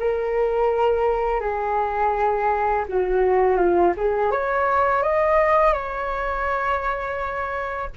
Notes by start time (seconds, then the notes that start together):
0.00 A#4
1.41 G#4
2.89 F#4
3.58 F4
3.97 G#4
4.32 C#5
5.03 D#5
5.74 C#5